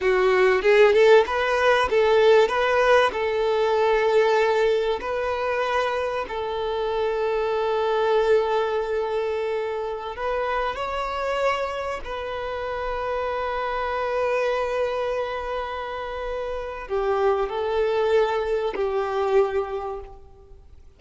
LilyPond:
\new Staff \with { instrumentName = "violin" } { \time 4/4 \tempo 4 = 96 fis'4 gis'8 a'8 b'4 a'4 | b'4 a'2. | b'2 a'2~ | a'1~ |
a'16 b'4 cis''2 b'8.~ | b'1~ | b'2. g'4 | a'2 g'2 | }